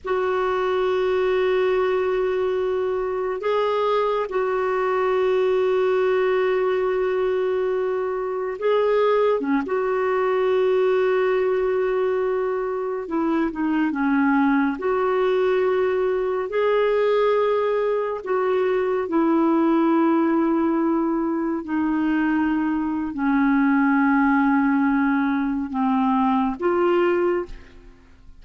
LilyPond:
\new Staff \with { instrumentName = "clarinet" } { \time 4/4 \tempo 4 = 70 fis'1 | gis'4 fis'2.~ | fis'2 gis'4 cis'16 fis'8.~ | fis'2.~ fis'16 e'8 dis'16~ |
dis'16 cis'4 fis'2 gis'8.~ | gis'4~ gis'16 fis'4 e'4.~ e'16~ | e'4~ e'16 dis'4.~ dis'16 cis'4~ | cis'2 c'4 f'4 | }